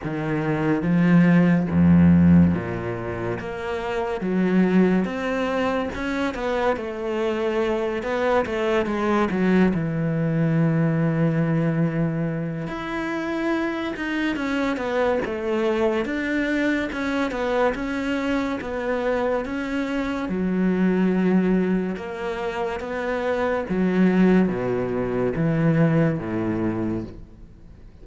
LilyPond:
\new Staff \with { instrumentName = "cello" } { \time 4/4 \tempo 4 = 71 dis4 f4 f,4 ais,4 | ais4 fis4 c'4 cis'8 b8 | a4. b8 a8 gis8 fis8 e8~ | e2. e'4~ |
e'8 dis'8 cis'8 b8 a4 d'4 | cis'8 b8 cis'4 b4 cis'4 | fis2 ais4 b4 | fis4 b,4 e4 a,4 | }